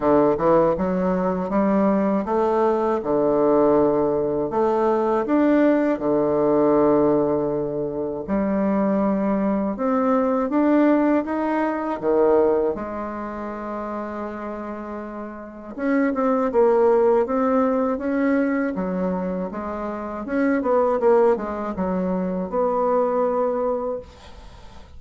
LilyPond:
\new Staff \with { instrumentName = "bassoon" } { \time 4/4 \tempo 4 = 80 d8 e8 fis4 g4 a4 | d2 a4 d'4 | d2. g4~ | g4 c'4 d'4 dis'4 |
dis4 gis2.~ | gis4 cis'8 c'8 ais4 c'4 | cis'4 fis4 gis4 cis'8 b8 | ais8 gis8 fis4 b2 | }